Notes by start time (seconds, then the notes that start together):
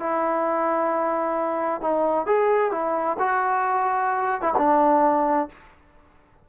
0.00 E4
1.81 D#4
2.26 G#4
2.71 E4
3.19 F#4
4.42 E4
4.58 D4